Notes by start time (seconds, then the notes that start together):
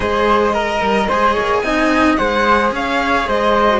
0.00 G#3 G#4 C5 D#5
0.53 A#4
0.81 G3
1.08 G#3 G#4 C5
1.33 A#3 C#5
1.61 C4 D#4 D#5 G#5
2.16 G#3 G#4 C5 F#5
2.71 C#4 C#5 F5
3.27 G#3 C5 D#5
3.68 F#4